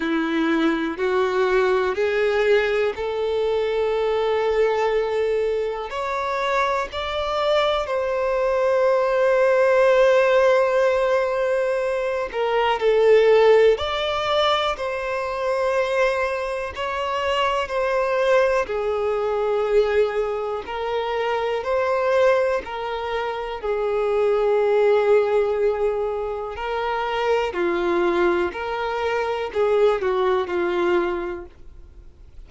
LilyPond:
\new Staff \with { instrumentName = "violin" } { \time 4/4 \tempo 4 = 61 e'4 fis'4 gis'4 a'4~ | a'2 cis''4 d''4 | c''1~ | c''8 ais'8 a'4 d''4 c''4~ |
c''4 cis''4 c''4 gis'4~ | gis'4 ais'4 c''4 ais'4 | gis'2. ais'4 | f'4 ais'4 gis'8 fis'8 f'4 | }